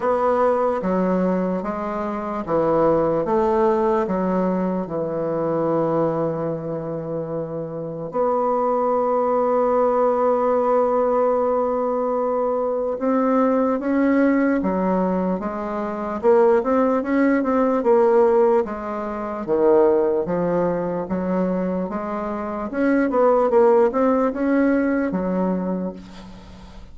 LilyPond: \new Staff \with { instrumentName = "bassoon" } { \time 4/4 \tempo 4 = 74 b4 fis4 gis4 e4 | a4 fis4 e2~ | e2 b2~ | b1 |
c'4 cis'4 fis4 gis4 | ais8 c'8 cis'8 c'8 ais4 gis4 | dis4 f4 fis4 gis4 | cis'8 b8 ais8 c'8 cis'4 fis4 | }